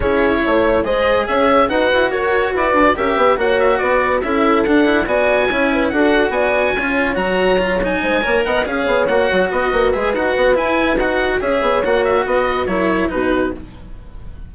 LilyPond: <<
  \new Staff \with { instrumentName = "oboe" } { \time 4/4 \tempo 4 = 142 cis''2 dis''4 e''4 | fis''4 cis''4 d''4 e''4 | fis''8 e''8 d''4 e''4 fis''4 | gis''2 fis''4 gis''4~ |
gis''4 ais''4. gis''4. | fis''8 f''4 fis''4 dis''4 e''8 | fis''4 gis''4 fis''4 e''4 | fis''8 e''8 dis''4 cis''4 b'4 | }
  \new Staff \with { instrumentName = "horn" } { \time 4/4 gis'4 cis''4 c''4 cis''4 | b'4 ais'4 b'4 ais'8 b'8 | cis''4 b'4 a'2 | d''4 cis''8 b'8 a'4 d''4 |
cis''2. c''8 cis''8 | dis''8 cis''2 b'4.~ | b'2. cis''4~ | cis''4 b'4 ais'4 fis'4 | }
  \new Staff \with { instrumentName = "cello" } { \time 4/4 e'2 gis'2 | fis'2. g'4 | fis'2 e'4 d'8 e'8 | fis'4 e'4 fis'2 |
f'4 fis'4 f'8 dis'4 ais'8~ | ais'8 gis'4 fis'2 gis'8 | fis'4 e'4 fis'4 gis'4 | fis'2 e'4 dis'4 | }
  \new Staff \with { instrumentName = "bassoon" } { \time 4/4 cis'4 a4 gis4 cis'4 | dis'8 e'8 fis'4 e'8 d'8 cis'8 b8 | ais4 b4 cis'4 d'4 | b4 cis'4 d'4 b4 |
cis'4 fis2 gis8 ais8 | b8 cis'8 b8 ais8 fis8 b8 ais8 gis8 | dis'8 b8 e'4 dis'4 cis'8 b8 | ais4 b4 fis4 b,4 | }
>>